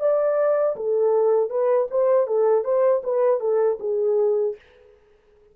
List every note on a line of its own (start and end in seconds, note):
0.00 0.76 D5
0.76 1.50 A4
1.50 1.88 B4
1.91 2.28 C5
2.28 2.64 A4
2.64 3.02 C5
3.03 3.40 B4
3.40 3.78 A4
3.80 4.56 G#4